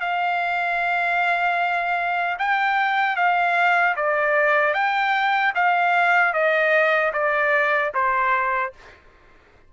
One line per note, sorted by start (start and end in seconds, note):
0.00 2.37 F5
2.39 3.16 G5
3.16 3.95 F5
3.96 4.74 D5
4.74 5.53 G5
5.55 6.33 F5
6.33 7.12 D#5
7.13 7.92 D5
7.94 8.73 C5